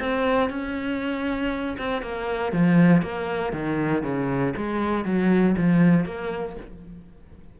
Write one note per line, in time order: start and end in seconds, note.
0.00 0.50 C4
0.50 1.77 C#4
1.78 2.02 C4
2.02 2.53 A#3
2.53 3.02 F3
3.02 3.53 A#3
3.53 4.03 D#3
4.03 4.54 C#3
4.57 5.05 G#3
5.05 5.56 F#3
5.58 6.06 F3
6.06 6.57 A#3